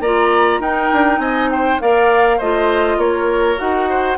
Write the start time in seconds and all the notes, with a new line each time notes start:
0.00 A#3 F4 D5 A#5
0.59 D#4 A#4 G5
0.93 D4
1.18 C4 D#5 G#5
1.50 C5 G5
1.80 A#3 A#4 D5 F5
2.37 A3 F4 C5 D#5
2.97 A#3 A#4 C#5
3.57 D#4 F#4 F#5
3.89 C5